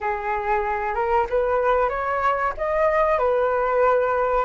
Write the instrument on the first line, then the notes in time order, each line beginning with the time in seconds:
flute
0.00 G#4
0.94 A#4
1.29 B4
1.89 C#5
2.57 D#5
3.18 B4